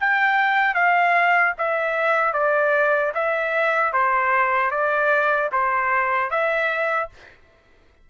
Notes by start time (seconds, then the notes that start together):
0.00 G5
0.74 F5
1.58 E5
2.33 D5
3.14 E5
3.93 C5
4.70 D5
5.52 C5
6.30 E5